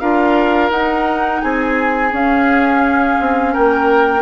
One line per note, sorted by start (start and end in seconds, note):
0.00 0.70 D4
0.00 0.72 F4
0.00 1.42 A#4
0.00 0.71 F5
0.70 1.41 D#4
0.70 2.11 D#4
0.70 1.41 F#5
1.41 2.12 C4
1.41 3.53 G#4
1.41 2.12 G#5
2.11 4.23 C#4
2.11 3.18 C#4
2.11 3.55 F5
3.20 3.56 C4
3.53 4.23 A#3
3.53 4.23 A#4
3.53 4.23 G5